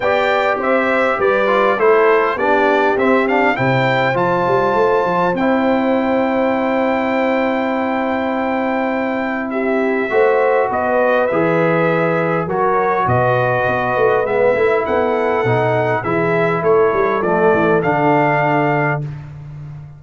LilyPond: <<
  \new Staff \with { instrumentName = "trumpet" } { \time 4/4 \tempo 4 = 101 g''4 e''4 d''4 c''4 | d''4 e''8 f''8 g''4 a''4~ | a''4 g''2.~ | g''1 |
e''2 dis''4 e''4~ | e''4 cis''4 dis''2 | e''4 fis''2 e''4 | cis''4 d''4 f''2 | }
  \new Staff \with { instrumentName = "horn" } { \time 4/4 d''4 c''4 b'4 a'4 | g'2 c''2~ | c''1~ | c''1 |
g'4 c''4 b'2~ | b'4 ais'4 b'2~ | b'4 a'2 gis'4 | a'1 | }
  \new Staff \with { instrumentName = "trombone" } { \time 4/4 g'2~ g'8 f'8 e'4 | d'4 c'8 d'8 e'4 f'4~ | f'4 e'2.~ | e'1~ |
e'4 fis'2 gis'4~ | gis'4 fis'2. | b8 e'4. dis'4 e'4~ | e'4 a4 d'2 | }
  \new Staff \with { instrumentName = "tuba" } { \time 4/4 b4 c'4 g4 a4 | b4 c'4 c4 f8 g8 | a8 f8 c'2.~ | c'1~ |
c'4 a4 b4 e4~ | e4 fis4 b,4 b8 a8 | gis8 a8 b4 b,4 e4 | a8 g8 f8 e8 d2 | }
>>